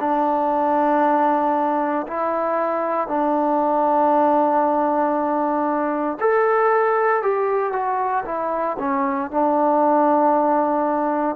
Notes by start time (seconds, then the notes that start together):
0.00 D4
2.08 E4
3.08 D4
6.20 A4
7.23 G4
7.73 F#4
8.26 E4
8.79 C#4
9.31 D4